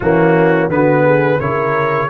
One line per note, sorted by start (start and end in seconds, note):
0.00 0.69 E3
0.00 0.70 A#3
0.00 0.71 C#4
0.00 0.70 F#4
0.69 1.39 D3
0.69 1.40 B3
0.69 1.03 F#4
0.69 1.40 B4
1.03 1.38 G#4
1.40 2.09 C#3
1.40 2.09 E4
1.40 2.09 A#4
1.40 2.09 C#5